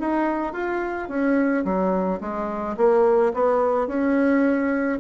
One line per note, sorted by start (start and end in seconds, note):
0.00 0.54 D#4
0.54 1.09 F4
1.09 1.65 C#4
1.65 2.20 F#3
2.21 2.77 G#3
2.78 3.33 A#3
3.34 3.88 B3
3.88 4.99 C#4